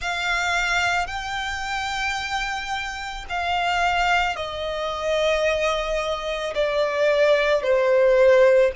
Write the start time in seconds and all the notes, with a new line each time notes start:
0.00 F5
1.07 G5
3.29 F5
4.35 D#5
6.55 D5
7.62 C5